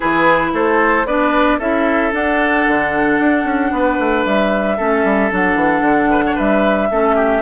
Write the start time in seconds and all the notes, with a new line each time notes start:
0.00 E3 E4 G#4 B4
0.53 A3 A4 C5
1.05 B3 D4 B4 D5
1.58 C#4 E4 A4 E5
2.12 D4 F#5
2.67 D3
3.19 D4
3.44 C#4
3.71 B3 B4
3.98 A3
4.25 G3 E5
4.77 A3 C#4 A4
5.03 G3
5.30 F#3 D4 F#5
5.55 E3
5.81 D3
6.10 B4
6.26 C#5
6.35 G3 B4 E5
6.90 A3 C#4 A4
7.15 G4